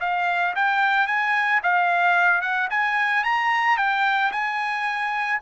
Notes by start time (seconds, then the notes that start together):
0.00 F5
0.55 G5
1.07 G#5
1.63 F5
2.41 F#5
2.70 G#5
3.24 A#5
3.77 G5
4.32 G#5